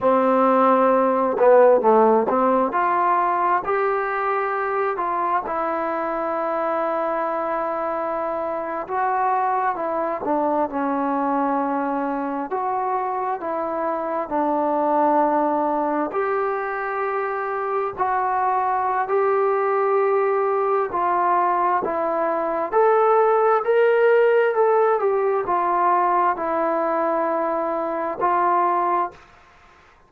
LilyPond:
\new Staff \with { instrumentName = "trombone" } { \time 4/4 \tempo 4 = 66 c'4. b8 a8 c'8 f'4 | g'4. f'8 e'2~ | e'4.~ e'16 fis'4 e'8 d'8 cis'16~ | cis'4.~ cis'16 fis'4 e'4 d'16~ |
d'4.~ d'16 g'2 fis'16~ | fis'4 g'2 f'4 | e'4 a'4 ais'4 a'8 g'8 | f'4 e'2 f'4 | }